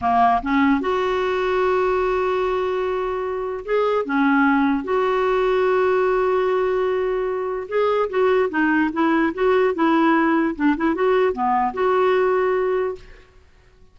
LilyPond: \new Staff \with { instrumentName = "clarinet" } { \time 4/4 \tempo 4 = 148 ais4 cis'4 fis'2~ | fis'1~ | fis'4 gis'4 cis'2 | fis'1~ |
fis'2. gis'4 | fis'4 dis'4 e'4 fis'4 | e'2 d'8 e'8 fis'4 | b4 fis'2. | }